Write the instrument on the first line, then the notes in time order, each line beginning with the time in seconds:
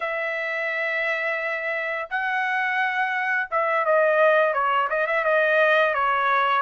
trumpet
0.00 E5
2.10 F#5
3.50 E5
3.85 D#5
4.53 C#5
4.89 D#5
5.06 E5
5.24 D#5
5.94 C#5